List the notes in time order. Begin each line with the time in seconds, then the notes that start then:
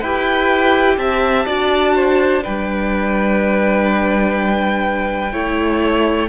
0.00 E4 G4 B4 G5
0.98 C4 E5 A5
1.46 D4 F#4 D5
1.95 C5
2.42 G3 D4 B4 G5
5.33 A3 E4 C#5